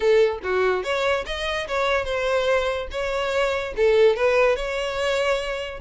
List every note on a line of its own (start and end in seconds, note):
0.00 0.39 A4
0.43 0.83 F#4
0.83 1.25 C#5
1.26 1.67 D#5
1.67 2.05 C#5
2.05 2.87 C5
2.91 3.73 C#5
3.76 4.16 A4
4.16 4.56 B4
4.56 5.80 C#5